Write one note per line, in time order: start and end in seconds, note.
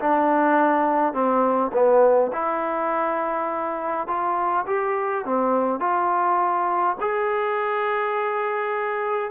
0.00 1.13 D4
1.13 1.72 C4
1.73 2.31 B3
2.32 4.07 E4
4.07 4.65 F4
4.67 5.25 G4
5.25 5.80 C4
5.80 6.96 F4
7.01 9.31 G#4